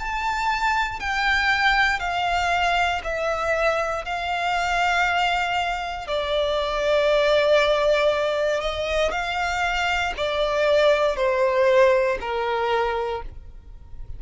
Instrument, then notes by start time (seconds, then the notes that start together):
violin
0.00 A5
1.00 G5
2.00 F5
3.05 E5
4.05 F5
6.08 D5
8.61 D#5
9.12 F5
10.17 D5
11.17 C5
12.21 A#4